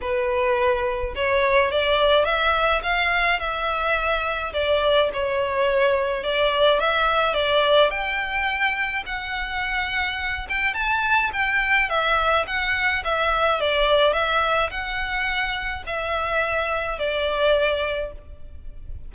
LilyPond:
\new Staff \with { instrumentName = "violin" } { \time 4/4 \tempo 4 = 106 b'2 cis''4 d''4 | e''4 f''4 e''2 | d''4 cis''2 d''4 | e''4 d''4 g''2 |
fis''2~ fis''8 g''8 a''4 | g''4 e''4 fis''4 e''4 | d''4 e''4 fis''2 | e''2 d''2 | }